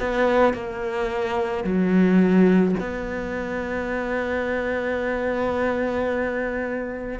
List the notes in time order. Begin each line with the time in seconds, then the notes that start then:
0.00 B3
0.54 A#3
1.64 F#3
2.80 B3